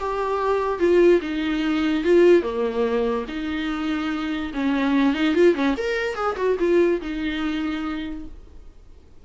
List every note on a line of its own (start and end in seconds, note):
0.00 0.79 G4
0.79 1.21 F4
1.22 2.04 D#4
2.04 2.43 F4
2.43 3.26 A#3
3.28 4.52 D#4
4.54 5.14 C#4
5.14 5.35 D#4
5.35 5.55 F4
5.55 5.76 C#4
5.77 6.16 A#4
6.16 6.36 G#4
6.37 6.57 F#4
6.60 7.01 F4
7.01 8.25 D#4